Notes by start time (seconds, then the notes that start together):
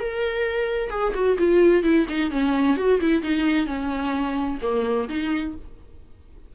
0.00 A#4
0.90 G#4
1.15 F#4
1.39 F4
1.84 E4
2.09 D#4
2.31 C#4
2.77 F#4
3.01 E4
3.23 D#4
3.67 C#4
4.62 A#3
5.09 D#4